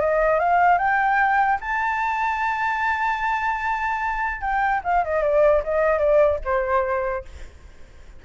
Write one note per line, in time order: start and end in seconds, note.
0.00 0.39 D#5
0.39 0.78 F5
0.78 1.59 G5
1.60 4.41 A5
4.41 4.81 G5
4.84 5.04 F5
5.04 5.23 D#5
5.23 5.63 D5
5.64 5.99 D#5
5.99 6.39 D5
6.44 7.25 C5